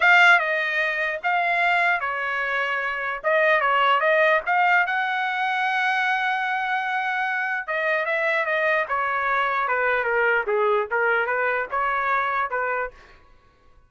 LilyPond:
\new Staff \with { instrumentName = "trumpet" } { \time 4/4 \tempo 4 = 149 f''4 dis''2 f''4~ | f''4 cis''2. | dis''4 cis''4 dis''4 f''4 | fis''1~ |
fis''2. dis''4 | e''4 dis''4 cis''2 | b'4 ais'4 gis'4 ais'4 | b'4 cis''2 b'4 | }